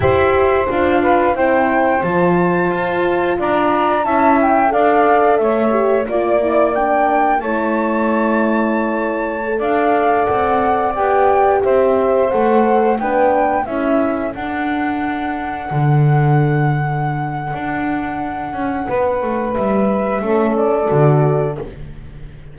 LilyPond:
<<
  \new Staff \with { instrumentName = "flute" } { \time 4/4 \tempo 4 = 89 e''4 f''4 g''4 a''4~ | a''4 ais''4 a''8 g''8 f''4 | e''4 d''4 g''4 a''4~ | a''2~ a''16 f''4 fis''8.~ |
fis''16 g''4 e''4 fis''4 g''8.~ | g''16 e''4 fis''2~ fis''8.~ | fis''1~ | fis''4 e''4. d''4. | }
  \new Staff \with { instrumentName = "saxophone" } { \time 4/4 c''4. b'8 c''2~ | c''4 d''4 e''4 d''4 | cis''4 d''2 cis''4~ | cis''2~ cis''16 d''4.~ d''16~ |
d''4~ d''16 c''2 b'8.~ | b'16 a'2.~ a'8.~ | a'1 | b'2 a'2 | }
  \new Staff \with { instrumentName = "horn" } { \time 4/4 g'4 f'4 e'4 f'4~ | f'2 e'4 a'4~ | a'8 g'8 f'8 e'8 d'4 e'4~ | e'2 a'2~ |
a'16 g'2 a'4 d'8.~ | d'16 e'4 d'2~ d'8.~ | d'1~ | d'2 cis'4 fis'4 | }
  \new Staff \with { instrumentName = "double bass" } { \time 4/4 e'4 d'4 c'4 f4 | f'4 d'4 cis'4 d'4 | a4 ais2 a4~ | a2~ a16 d'4 c'8.~ |
c'16 b4 c'4 a4 b8.~ | b16 cis'4 d'2 d8.~ | d2 d'4. cis'8 | b8 a8 g4 a4 d4 | }
>>